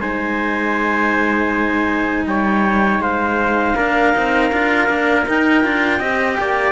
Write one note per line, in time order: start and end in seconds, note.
0.00 2.25 G#3
0.00 3.77 D#4
0.00 2.25 C5
0.00 2.25 G#5
2.25 2.99 G3
2.25 3.02 C#5
2.25 3.01 G5
2.99 3.74 G#3
2.99 3.75 C5
2.99 5.26 F5
3.75 4.14 A#3
3.75 4.14 D4
3.75 5.99 A#4
4.14 4.51 C4
4.14 4.51 D#4
4.51 4.89 D4
4.51 4.88 F4
4.88 5.27 A#3
4.88 5.25 D4
5.26 5.63 D#4
5.26 5.64 D#4
5.26 6.72 G5
5.63 6.00 D4
5.63 6.00 F4
5.99 6.37 C4
5.99 6.72 G4
5.99 6.36 D#5
6.40 6.72 A#3
6.40 6.72 D5